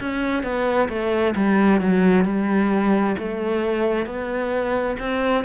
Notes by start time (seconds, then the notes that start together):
0.00 C#4
0.43 B3
0.89 A3
1.36 G3
1.81 F#3
2.25 G3
3.19 A3
4.06 B3
5.00 C4